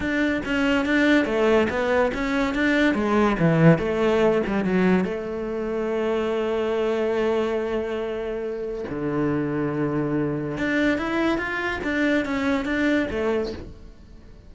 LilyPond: \new Staff \with { instrumentName = "cello" } { \time 4/4 \tempo 4 = 142 d'4 cis'4 d'4 a4 | b4 cis'4 d'4 gis4 | e4 a4. g8 fis4 | a1~ |
a1~ | a4 d2.~ | d4 d'4 e'4 f'4 | d'4 cis'4 d'4 a4 | }